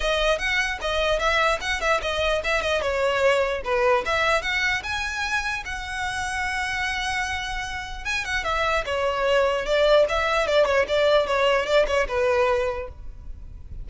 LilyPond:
\new Staff \with { instrumentName = "violin" } { \time 4/4 \tempo 4 = 149 dis''4 fis''4 dis''4 e''4 | fis''8 e''8 dis''4 e''8 dis''8 cis''4~ | cis''4 b'4 e''4 fis''4 | gis''2 fis''2~ |
fis''1 | gis''8 fis''8 e''4 cis''2 | d''4 e''4 d''8 cis''8 d''4 | cis''4 d''8 cis''8 b'2 | }